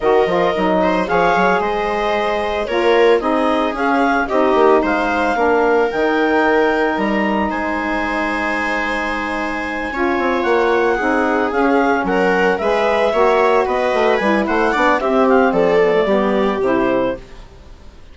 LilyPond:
<<
  \new Staff \with { instrumentName = "clarinet" } { \time 4/4 \tempo 4 = 112 dis''2 f''4 dis''4~ | dis''4 cis''4 dis''4 f''4 | dis''4 f''2 g''4~ | g''4 ais''4 gis''2~ |
gis''2.~ gis''8 fis''8~ | fis''4. f''4 fis''4 e''8~ | e''4. dis''4 gis''8 fis''4 | e''8 f''8 d''2 c''4 | }
  \new Staff \with { instrumentName = "viola" } { \time 4/4 ais'4. c''8 cis''4 c''4~ | c''4 ais'4 gis'2 | g'4 c''4 ais'2~ | ais'2 c''2~ |
c''2~ c''8 cis''4.~ | cis''8 gis'2 ais'4 b'8~ | b'8 cis''4 b'4. c''8 d''8 | g'4 a'4 g'2 | }
  \new Staff \with { instrumentName = "saxophone" } { \time 4/4 fis'8 f'8 dis'4 gis'2~ | gis'4 f'4 dis'4 cis'4 | dis'2 d'4 dis'4~ | dis'1~ |
dis'2~ dis'8 f'4.~ | f'8 dis'4 cis'2 gis'8~ | gis'8 fis'2 e'4 d'8 | c'4. b16 a16 b4 e'4 | }
  \new Staff \with { instrumentName = "bassoon" } { \time 4/4 dis8 f8 fis4 f8 fis8 gis4~ | gis4 ais4 c'4 cis'4 | c'8 ais8 gis4 ais4 dis4~ | dis4 g4 gis2~ |
gis2~ gis8 cis'8 c'8 ais8~ | ais8 c'4 cis'4 fis4 gis8~ | gis8 ais4 b8 a8 g8 a8 b8 | c'4 f4 g4 c4 | }
>>